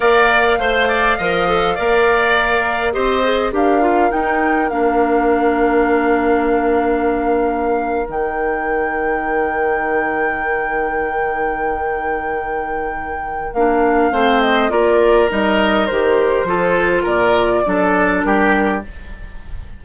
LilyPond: <<
  \new Staff \with { instrumentName = "flute" } { \time 4/4 \tempo 4 = 102 f''1~ | f''4 dis''4 f''4 g''4 | f''1~ | f''4.~ f''16 g''2~ g''16~ |
g''1~ | g''2. f''4~ | f''8 dis''8 d''4 dis''4 c''4~ | c''4 d''2 ais'4 | }
  \new Staff \with { instrumentName = "oboe" } { \time 4/4 d''4 c''8 d''8 dis''4 d''4~ | d''4 c''4 ais'2~ | ais'1~ | ais'1~ |
ais'1~ | ais'1 | c''4 ais'2. | a'4 ais'4 a'4 g'4 | }
  \new Staff \with { instrumentName = "clarinet" } { \time 4/4 ais'4 c''4 ais'8 a'8 ais'4~ | ais'4 g'8 gis'8 g'8 f'8 dis'4 | d'1~ | d'4.~ d'16 dis'2~ dis'16~ |
dis'1~ | dis'2. d'4 | c'4 f'4 dis'4 g'4 | f'2 d'2 | }
  \new Staff \with { instrumentName = "bassoon" } { \time 4/4 ais4 a4 f4 ais4~ | ais4 c'4 d'4 dis'4 | ais1~ | ais4.~ ais16 dis2~ dis16~ |
dis1~ | dis2. ais4 | a4 ais4 g4 dis4 | f4 ais,4 fis4 g4 | }
>>